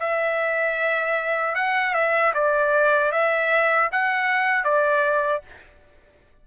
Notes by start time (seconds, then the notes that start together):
0.00 E5
1.55 F#5
1.94 E5
2.34 D5
3.12 E5
3.92 F#5
4.65 D5